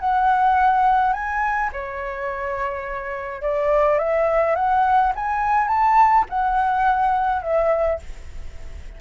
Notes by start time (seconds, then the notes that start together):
0.00 F#5
1.13 G#5
1.72 C#5
3.42 D5
3.98 E5
4.56 F#5
5.16 G#5
5.68 A5
6.30 F#5
7.42 E5